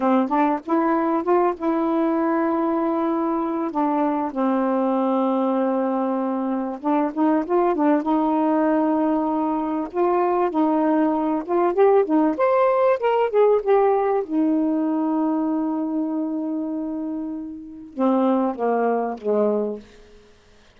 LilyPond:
\new Staff \with { instrumentName = "saxophone" } { \time 4/4 \tempo 4 = 97 c'8 d'8 e'4 f'8 e'4.~ | e'2 d'4 c'4~ | c'2. d'8 dis'8 | f'8 d'8 dis'2. |
f'4 dis'4. f'8 g'8 dis'8 | c''4 ais'8 gis'8 g'4 dis'4~ | dis'1~ | dis'4 c'4 ais4 gis4 | }